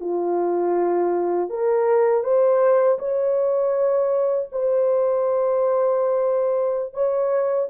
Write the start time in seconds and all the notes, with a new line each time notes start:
0.00 F4
1.49 A#4
2.23 C5
2.99 C#5
4.52 C5
6.93 C#5